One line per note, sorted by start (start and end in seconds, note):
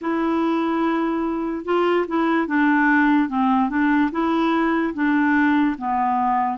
0.01 1.64 E4
1.64 2.05 F4
2.07 2.47 E4
2.47 3.28 D4
3.28 3.69 C4
3.69 4.10 D4
4.11 4.93 E4
4.94 5.76 D4
5.78 6.58 B3